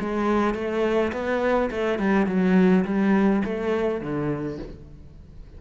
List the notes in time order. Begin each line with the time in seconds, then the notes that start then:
0.00 G#3
0.55 A3
1.12 B3
1.71 A3
1.99 G3
2.27 F#3
2.85 G3
3.45 A3
4.01 D3